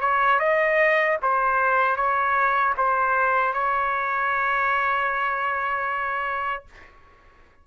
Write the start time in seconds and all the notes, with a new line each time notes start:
0.00 C#5
0.39 D#5
1.21 C5
1.96 C#5
2.77 C5
3.53 C#5